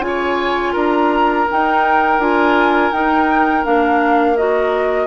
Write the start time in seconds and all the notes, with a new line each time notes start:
0.00 C#3 F4 G#5
0.06 C#5
0.72 D4 A#4 A#5
1.50 D#4 G5
2.18 D4 F4 G#5
2.92 D#4 G5
3.63 A#3 D4 F5
4.36 F#4 D#5